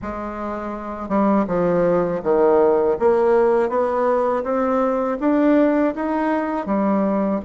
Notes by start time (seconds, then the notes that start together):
0.02 G#3
1.08 G3
1.47 F3
2.23 D#3
2.99 A#3
3.69 B3
4.43 C4
5.20 D4
5.95 D#4
6.65 G3